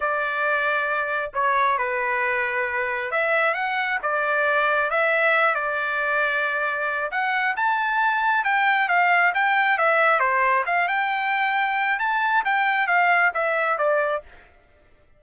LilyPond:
\new Staff \with { instrumentName = "trumpet" } { \time 4/4 \tempo 4 = 135 d''2. cis''4 | b'2. e''4 | fis''4 d''2 e''4~ | e''8 d''2.~ d''8 |
fis''4 a''2 g''4 | f''4 g''4 e''4 c''4 | f''8 g''2~ g''8 a''4 | g''4 f''4 e''4 d''4 | }